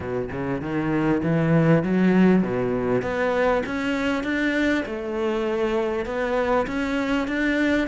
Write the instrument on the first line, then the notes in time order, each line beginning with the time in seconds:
cello
0.00 B2
0.31 C#3
0.61 D#3
1.23 E3
1.83 F#3
2.42 B2
3.02 B3
3.66 C#4
4.23 D4
4.85 A3
6.05 B3
6.67 C#4
7.27 D4